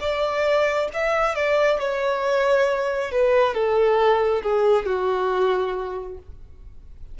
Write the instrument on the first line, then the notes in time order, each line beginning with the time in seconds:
violin
0.00 D5
0.93 E5
1.35 D5
1.79 C#5
3.11 B4
3.54 A4
4.42 G#4
4.86 F#4